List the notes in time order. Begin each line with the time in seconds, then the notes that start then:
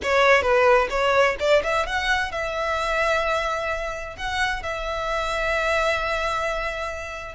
0.02 C#5
0.42 B4
0.89 C#5
1.39 D5
1.63 E5
1.86 F#5
2.31 E5
4.16 F#5
4.62 E5